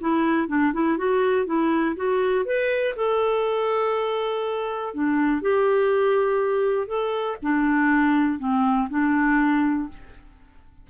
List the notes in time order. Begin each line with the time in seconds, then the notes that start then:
0.00 E4
0.48 D4
0.73 E4
0.97 F#4
1.46 E4
1.96 F#4
2.45 B4
2.96 A4
4.94 D4
5.41 G4
6.87 A4
7.42 D4
8.39 C4
8.90 D4